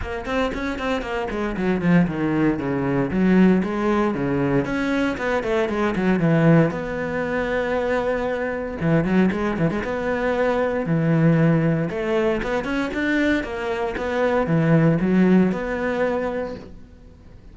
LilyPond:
\new Staff \with { instrumentName = "cello" } { \time 4/4 \tempo 4 = 116 ais8 c'8 cis'8 c'8 ais8 gis8 fis8 f8 | dis4 cis4 fis4 gis4 | cis4 cis'4 b8 a8 gis8 fis8 | e4 b2.~ |
b4 e8 fis8 gis8 e16 gis16 b4~ | b4 e2 a4 | b8 cis'8 d'4 ais4 b4 | e4 fis4 b2 | }